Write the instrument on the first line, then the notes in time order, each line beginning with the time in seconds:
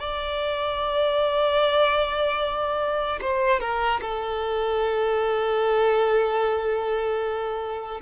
violin
0.00 D5
3.21 C5
3.61 A#4
4.01 A4